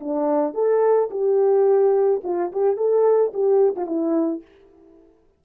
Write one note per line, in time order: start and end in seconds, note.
0.00 0.54 D4
0.54 1.09 A4
1.10 2.21 G4
2.23 2.51 F4
2.52 2.77 G4
2.77 3.32 A4
3.33 3.75 G4
3.76 3.86 F4
3.86 4.42 E4